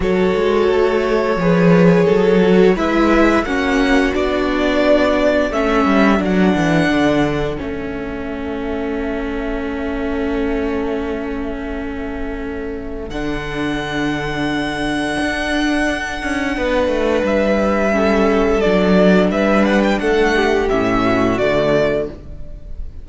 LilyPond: <<
  \new Staff \with { instrumentName = "violin" } { \time 4/4 \tempo 4 = 87 cis''1 | e''4 fis''4 d''2 | e''4 fis''2 e''4~ | e''1~ |
e''2. fis''4~ | fis''1~ | fis''4 e''2 d''4 | e''8 fis''16 g''16 fis''4 e''4 d''4 | }
  \new Staff \with { instrumentName = "violin" } { \time 4/4 a'2 b'4 a'4 | b'4 fis'2. | a'1~ | a'1~ |
a'1~ | a'1 | b'2 a'2 | b'4 a'8 g'4 fis'4. | }
  \new Staff \with { instrumentName = "viola" } { \time 4/4 fis'2 gis'4. fis'8 | e'4 cis'4 d'2 | cis'4 d'2 cis'4~ | cis'1~ |
cis'2. d'4~ | d'1~ | d'2 cis'4 d'4~ | d'2 cis'4 a4 | }
  \new Staff \with { instrumentName = "cello" } { \time 4/4 fis8 gis8 a4 f4 fis4 | gis4 ais4 b2 | a8 g8 fis8 e8 d4 a4~ | a1~ |
a2. d4~ | d2 d'4. cis'8 | b8 a8 g2 fis4 | g4 a4 a,4 d4 | }
>>